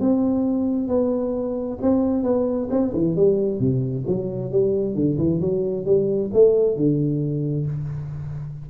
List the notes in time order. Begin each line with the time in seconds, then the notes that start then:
0.00 C4
0.88 B3
1.82 C4
2.23 B3
2.70 C4
2.94 E3
3.16 G3
3.60 C3
4.07 F#3
4.52 G3
4.95 D3
5.18 E3
5.41 F#3
5.86 G3
6.33 A3
6.76 D3